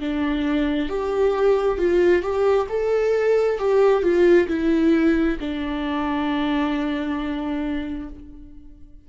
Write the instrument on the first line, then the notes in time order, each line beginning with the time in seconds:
viola
0.00 D4
0.90 G4
1.79 F4
2.23 G4
2.69 A4
3.59 G4
4.03 F4
4.48 E4
5.41 D4